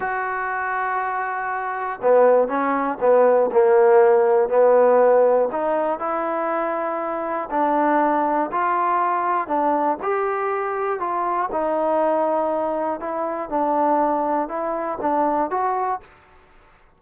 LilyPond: \new Staff \with { instrumentName = "trombone" } { \time 4/4 \tempo 4 = 120 fis'1 | b4 cis'4 b4 ais4~ | ais4 b2 dis'4 | e'2. d'4~ |
d'4 f'2 d'4 | g'2 f'4 dis'4~ | dis'2 e'4 d'4~ | d'4 e'4 d'4 fis'4 | }